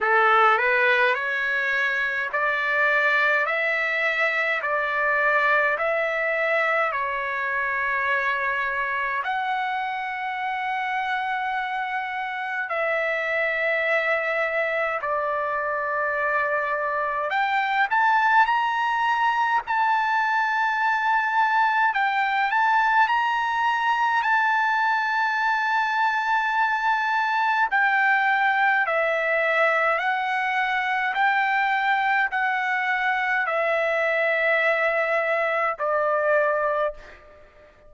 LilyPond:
\new Staff \with { instrumentName = "trumpet" } { \time 4/4 \tempo 4 = 52 a'8 b'8 cis''4 d''4 e''4 | d''4 e''4 cis''2 | fis''2. e''4~ | e''4 d''2 g''8 a''8 |
ais''4 a''2 g''8 a''8 | ais''4 a''2. | g''4 e''4 fis''4 g''4 | fis''4 e''2 d''4 | }